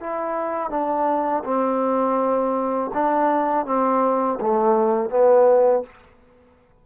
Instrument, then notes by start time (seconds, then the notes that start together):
trombone
0.00 E4
0.70 D4
1.45 C4
2.94 D4
3.66 C4
4.40 A3
5.10 B3